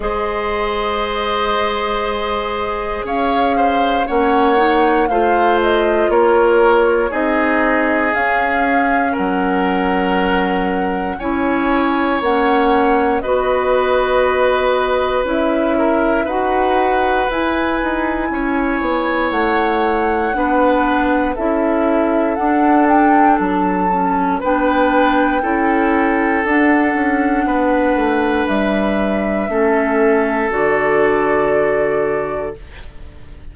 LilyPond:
<<
  \new Staff \with { instrumentName = "flute" } { \time 4/4 \tempo 4 = 59 dis''2. f''4 | fis''4 f''8 dis''8 cis''4 dis''4 | f''4 fis''2 gis''4 | fis''4 dis''2 e''4 |
fis''4 gis''2 fis''4~ | fis''4 e''4 fis''8 g''8 a''4 | g''2 fis''2 | e''2 d''2 | }
  \new Staff \with { instrumentName = "oboe" } { \time 4/4 c''2. cis''8 c''8 | cis''4 c''4 ais'4 gis'4~ | gis'4 ais'2 cis''4~ | cis''4 b'2~ b'8 ais'8 |
b'2 cis''2 | b'4 a'2. | b'4 a'2 b'4~ | b'4 a'2. | }
  \new Staff \with { instrumentName = "clarinet" } { \time 4/4 gis'1 | cis'8 dis'8 f'2 dis'4 | cis'2. e'4 | cis'4 fis'2 e'4 |
fis'4 e'2. | d'4 e'4 d'4. cis'8 | d'4 e'4 d'2~ | d'4 cis'4 fis'2 | }
  \new Staff \with { instrumentName = "bassoon" } { \time 4/4 gis2. cis'4 | ais4 a4 ais4 c'4 | cis'4 fis2 cis'4 | ais4 b2 cis'4 |
dis'4 e'8 dis'8 cis'8 b8 a4 | b4 cis'4 d'4 fis4 | b4 cis'4 d'8 cis'8 b8 a8 | g4 a4 d2 | }
>>